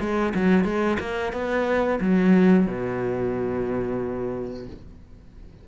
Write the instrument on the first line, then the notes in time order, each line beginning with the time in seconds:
cello
0.00 G#3
0.35 F#3
0.64 G#3
1.00 A#3
1.32 B3
2.01 F#3
2.67 B2